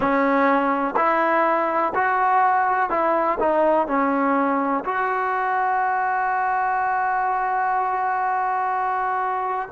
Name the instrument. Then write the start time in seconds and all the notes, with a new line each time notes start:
trombone
0.00 C#4
0.96 E4
1.94 F#4
2.90 E4
3.39 D#4
3.87 C#4
4.84 F#4